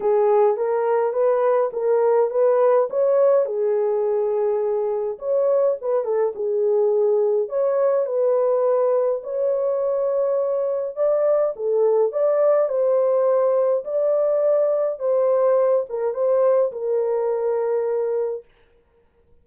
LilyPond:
\new Staff \with { instrumentName = "horn" } { \time 4/4 \tempo 4 = 104 gis'4 ais'4 b'4 ais'4 | b'4 cis''4 gis'2~ | gis'4 cis''4 b'8 a'8 gis'4~ | gis'4 cis''4 b'2 |
cis''2. d''4 | a'4 d''4 c''2 | d''2 c''4. ais'8 | c''4 ais'2. | }